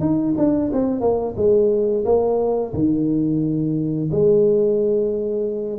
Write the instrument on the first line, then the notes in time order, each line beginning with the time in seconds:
tuba
0.00 D#4
0.37 D4
0.73 C4
1.00 A#3
1.36 G#3
2.05 A#3
2.73 D#3
4.11 G#3